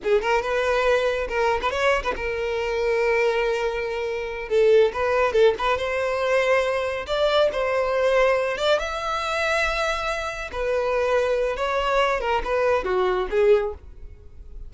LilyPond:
\new Staff \with { instrumentName = "violin" } { \time 4/4 \tempo 4 = 140 gis'8 ais'8 b'2 ais'8. b'16 | cis''8. b'16 ais'2.~ | ais'2~ ais'8 a'4 b'8~ | b'8 a'8 b'8 c''2~ c''8~ |
c''8 d''4 c''2~ c''8 | d''8 e''2.~ e''8~ | e''8 b'2~ b'8 cis''4~ | cis''8 ais'8 b'4 fis'4 gis'4 | }